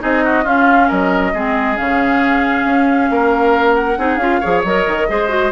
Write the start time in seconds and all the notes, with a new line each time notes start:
0.00 C4 D#4 G#4 D#5
0.24 F#4
0.44 C#4 F4 F5
0.88 F#3 A#4 D#5
1.34 G#3 C4 G#4
1.76 C#3 C#4 F5
2.65 C#4
3.11 A#3 A#4
3.75 F#5
3.98 C4 D#4 G#4
4.17 C#4 F4 F5
4.41 F3 G#4 C#5
4.64 F#3 A#4 D#5
4.87 D#3
5.09 G#3 G#4 C5
5.29 F#4